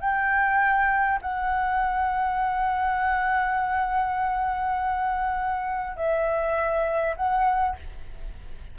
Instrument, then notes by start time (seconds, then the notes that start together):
flute
0.00 G5
1.21 F#5
5.96 E5
7.16 F#5